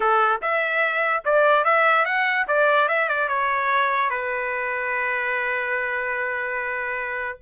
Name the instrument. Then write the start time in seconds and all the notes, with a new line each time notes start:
trumpet
0.00 A4
0.41 E5
1.24 D5
1.64 E5
2.05 F#5
2.47 D5
2.88 E5
3.08 D5
3.28 C#5
4.10 B4